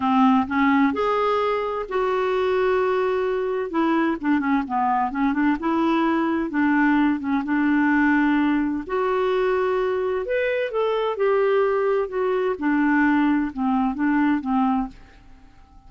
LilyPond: \new Staff \with { instrumentName = "clarinet" } { \time 4/4 \tempo 4 = 129 c'4 cis'4 gis'2 | fis'1 | e'4 d'8 cis'8 b4 cis'8 d'8 | e'2 d'4. cis'8 |
d'2. fis'4~ | fis'2 b'4 a'4 | g'2 fis'4 d'4~ | d'4 c'4 d'4 c'4 | }